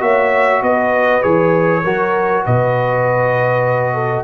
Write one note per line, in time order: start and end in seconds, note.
0.00 0.61 A#3
0.00 1.21 F#4
0.00 0.62 C#5
0.00 0.62 E5
0.62 1.22 B3
0.62 1.83 B4
0.62 1.23 D#5
1.21 1.84 E3
1.21 1.82 G#4
1.21 2.44 C#5
1.83 2.45 F#3
1.83 4.24 F#4
1.83 2.43 A#4
2.43 4.24 B2
2.43 3.94 B4
2.43 4.24 D#5
3.94 4.24 A4